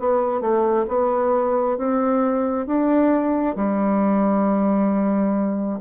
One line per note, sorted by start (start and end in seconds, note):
0.00 0.42 B3
0.42 0.86 A3
0.88 1.78 B3
1.78 2.67 C4
2.67 3.56 D4
3.56 5.80 G3